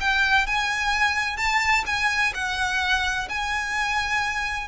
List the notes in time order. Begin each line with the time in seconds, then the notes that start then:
0.00 G5
0.46 G#5
1.37 A5
1.86 G#5
2.34 F#5
3.29 G#5